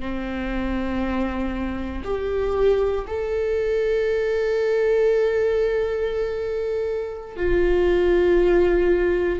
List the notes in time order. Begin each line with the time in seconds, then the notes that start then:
0.00 C4
2.04 G4
3.07 A4
7.37 F4